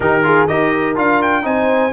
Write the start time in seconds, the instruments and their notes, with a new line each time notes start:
0.00 tuba D#3, trombone D#4, horn G4, trumpet A#4
0.23 trombone F4, horn G#4
0.46 tuba D#4, trombone G4, horn A#4, trumpet D#5
0.95 tuba D4, trombone F4, trumpet F5
1.22 trumpet G5
1.42 tuba C4, trombone D#4, horn C5, trumpet G#5